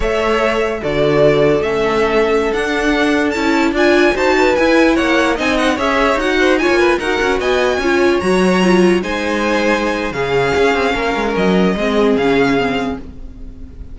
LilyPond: <<
  \new Staff \with { instrumentName = "violin" } { \time 4/4 \tempo 4 = 148 e''2 d''2 | e''2~ e''16 fis''4.~ fis''16~ | fis''16 a''4 gis''4 a''4 gis''8.~ | gis''16 fis''4 gis''8 fis''8 e''4 fis''8.~ |
fis''16 gis''4 fis''4 gis''4.~ gis''16~ | gis''16 ais''2 gis''4.~ gis''16~ | gis''4 f''2. | dis''2 f''2 | }
  \new Staff \with { instrumentName = "violin" } { \time 4/4 cis''2 a'2~ | a'1~ | a'4~ a'16 d''4 c''8 b'4~ b'16~ | b'16 cis''4 dis''4 cis''4. c''16~ |
c''16 cis''8 b'8 ais'4 dis''4 cis''8.~ | cis''2~ cis''16 c''4.~ c''16~ | c''4 gis'2 ais'4~ | ais'4 gis'2. | }
  \new Staff \with { instrumentName = "viola" } { \time 4/4 a'2 fis'2 | cis'2~ cis'16 d'4.~ d'16~ | d'16 e'4 f'4 fis'4 e'8.~ | e'4~ e'16 dis'4 gis'4 fis'8.~ |
fis'16 f'4 fis'2 f'8.~ | f'16 fis'4 f'4 dis'4.~ dis'16~ | dis'4 cis'2.~ | cis'4 c'4 cis'4 c'4 | }
  \new Staff \with { instrumentName = "cello" } { \time 4/4 a2 d2 | a2~ a16 d'4.~ d'16~ | d'16 cis'4 d'4 dis'4 e'8.~ | e'16 ais4 c'4 cis'4 dis'8.~ |
dis'8 ais8. dis'8 cis'8 b4 cis'8.~ | cis'16 fis2 gis4.~ gis16~ | gis4 cis4 cis'8 c'8 ais8 gis8 | fis4 gis4 cis2 | }
>>